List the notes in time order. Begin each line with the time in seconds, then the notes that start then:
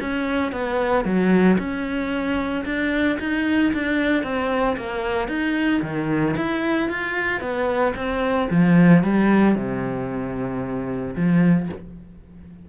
0.00 C#4
0.52 B3
1.04 F#3
1.58 C#4
2.65 D4
3.19 D#4
3.73 D4
4.23 C4
4.76 A#3
5.28 D#4
5.82 D#3
6.36 E4
6.89 F4
7.40 B3
7.95 C4
8.50 F3
9.03 G3
9.55 C3
11.15 F3